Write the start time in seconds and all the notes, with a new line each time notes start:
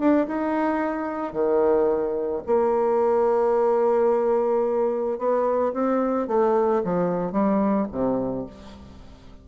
0.00 D4
0.28 D#4
1.33 D#3
2.47 A#3
5.19 B3
5.74 C4
6.28 A3
6.84 F3
7.32 G3
7.92 C3